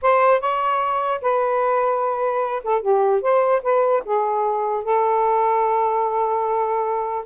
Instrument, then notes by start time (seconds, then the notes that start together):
saxophone
0.01 C5
0.40 C#5
1.21 B4
2.63 A4
2.81 G4
3.21 C5
3.62 B4
4.05 G#4
4.83 A4